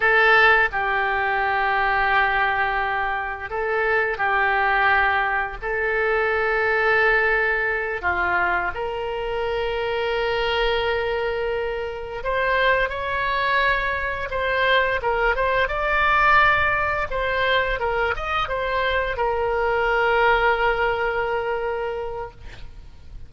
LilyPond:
\new Staff \with { instrumentName = "oboe" } { \time 4/4 \tempo 4 = 86 a'4 g'2.~ | g'4 a'4 g'2 | a'2.~ a'8 f'8~ | f'8 ais'2.~ ais'8~ |
ais'4. c''4 cis''4.~ | cis''8 c''4 ais'8 c''8 d''4.~ | d''8 c''4 ais'8 dis''8 c''4 ais'8~ | ais'1 | }